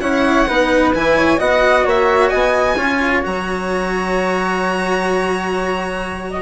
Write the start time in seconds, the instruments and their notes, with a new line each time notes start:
0.00 bassoon C#4, cello E4, flute C#5, violin F#5
0.47 bassoon B3, cello D#4, flute B4
0.94 bassoon E3, cello E4, violin G#5
1.17 flute C#5
1.37 bassoon B3, cello F#4, flute D#5, violin F#5
1.85 bassoon A#3, flute C#5, violin E5
2.29 bassoon B3, flute D#5, violin G#5
2.76 bassoon C#4, cello F4, flute C#5
3.22 bassoon F#3, cello F#4, violin A#5
6.30 flute D#5